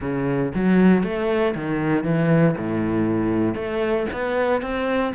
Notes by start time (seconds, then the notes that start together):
0.00 C#3
0.54 F#3
1.03 A3
1.54 D#3
2.04 E3
2.57 A2
3.55 A3
4.12 B3
4.61 C4